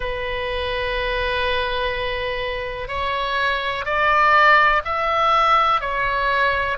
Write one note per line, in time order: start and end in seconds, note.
0.00 2.88 B4
2.88 3.84 C#5
3.84 4.81 D5
4.84 5.80 E5
5.80 6.77 C#5